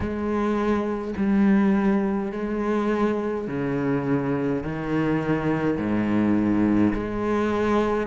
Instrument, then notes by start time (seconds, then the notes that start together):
cello
0.00 G#3
1.16 G3
2.32 G#3
3.47 C#3
4.63 D#3
5.77 G#2
6.93 G#3